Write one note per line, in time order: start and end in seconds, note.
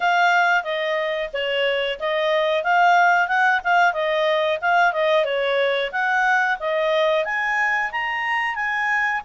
0.00 0.63 F5
0.63 1.29 D#5
1.33 1.99 C#5
1.99 2.63 D#5
2.63 3.28 F5
3.28 3.61 F#5
3.64 3.93 F5
3.93 4.59 D#5
4.61 4.93 F5
4.93 5.24 D#5
5.24 5.90 C#5
5.92 6.58 F#5
6.59 7.24 D#5
7.24 7.90 G#5
7.91 8.55 A#5
8.55 9.21 G#5